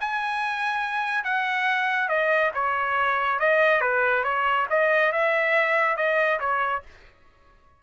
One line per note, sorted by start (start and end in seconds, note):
0.00 1.24 G#5
1.24 2.09 F#5
2.09 2.51 D#5
2.54 3.40 C#5
3.40 3.81 D#5
3.81 4.24 B4
4.24 4.66 C#5
4.70 5.12 D#5
5.12 5.96 E5
5.96 6.39 D#5
6.40 6.83 C#5